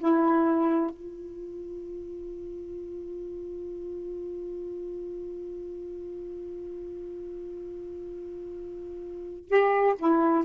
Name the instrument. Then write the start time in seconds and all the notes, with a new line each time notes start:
saxophone
0.00 E4
0.90 F4
9.49 G4
9.99 E4